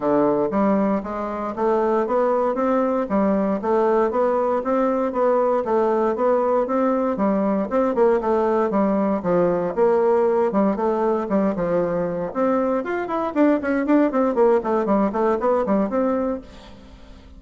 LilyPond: \new Staff \with { instrumentName = "bassoon" } { \time 4/4 \tempo 4 = 117 d4 g4 gis4 a4 | b4 c'4 g4 a4 | b4 c'4 b4 a4 | b4 c'4 g4 c'8 ais8 |
a4 g4 f4 ais4~ | ais8 g8 a4 g8 f4. | c'4 f'8 e'8 d'8 cis'8 d'8 c'8 | ais8 a8 g8 a8 b8 g8 c'4 | }